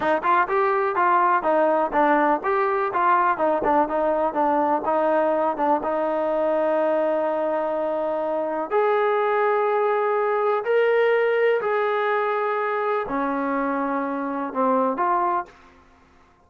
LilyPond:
\new Staff \with { instrumentName = "trombone" } { \time 4/4 \tempo 4 = 124 dis'8 f'8 g'4 f'4 dis'4 | d'4 g'4 f'4 dis'8 d'8 | dis'4 d'4 dis'4. d'8 | dis'1~ |
dis'2 gis'2~ | gis'2 ais'2 | gis'2. cis'4~ | cis'2 c'4 f'4 | }